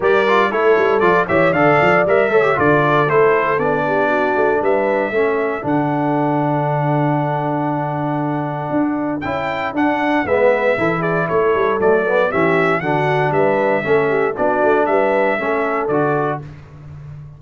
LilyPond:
<<
  \new Staff \with { instrumentName = "trumpet" } { \time 4/4 \tempo 4 = 117 d''4 cis''4 d''8 e''8 f''4 | e''4 d''4 c''4 d''4~ | d''4 e''2 fis''4~ | fis''1~ |
fis''2 g''4 fis''4 | e''4. d''8 cis''4 d''4 | e''4 fis''4 e''2 | d''4 e''2 d''4 | }
  \new Staff \with { instrumentName = "horn" } { \time 4/4 ais'4 a'4. cis''8 d''4~ | d''8 cis''8 a'2~ a'8 g'8 | fis'4 b'4 a'2~ | a'1~ |
a'1 | b'4 a'8 gis'8 a'2 | g'4 fis'4 b'4 a'8 g'8 | fis'4 b'4 a'2 | }
  \new Staff \with { instrumentName = "trombone" } { \time 4/4 g'8 f'8 e'4 f'8 g'8 a'4 | ais'8 a'16 g'16 f'4 e'4 d'4~ | d'2 cis'4 d'4~ | d'1~ |
d'2 e'4 d'4 | b4 e'2 a8 b8 | cis'4 d'2 cis'4 | d'2 cis'4 fis'4 | }
  \new Staff \with { instrumentName = "tuba" } { \time 4/4 g4 a8 g8 f8 e8 d8 f8 | g8 a8 d4 a4 b4~ | b8 a8 g4 a4 d4~ | d1~ |
d4 d'4 cis'4 d'4 | gis4 e4 a8 g8 fis4 | e4 d4 g4 a4 | b8 a8 g4 a4 d4 | }
>>